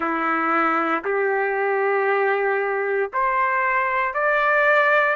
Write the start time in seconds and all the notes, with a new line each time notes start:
0.00 E4
1.04 G4
3.13 C5
4.14 D5